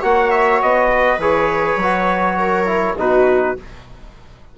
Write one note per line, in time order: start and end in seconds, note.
0.00 0.62 A#3
0.00 1.19 F#4
0.00 0.88 C#5
0.00 0.31 F#5
0.31 0.60 E5
0.62 1.18 B3
0.62 1.21 D#5
0.91 2.37 B4
1.18 1.76 E3
1.18 1.80 G#4
1.18 2.98 C#5
1.76 2.94 F#3
1.76 2.66 F#4
2.37 2.96 A#4
2.66 2.95 E4
2.97 3.56 B2
2.97 3.56 D#4
2.97 3.57 F#4
2.97 3.58 B4